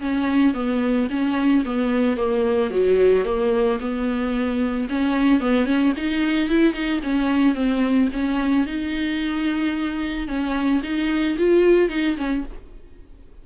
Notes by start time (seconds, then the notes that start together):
0.00 C#4
0.54 B3
1.10 C#4
1.65 B3
2.17 A#3
2.71 F#3
3.25 A#3
3.80 B3
4.89 C#4
5.40 B3
5.66 C#4
5.97 D#4
6.49 E4
6.73 D#4
7.03 C#4
7.55 C4
8.13 C#4
8.66 D#4
10.28 C#4
10.83 D#4
11.38 F4
11.89 D#4
12.17 C#4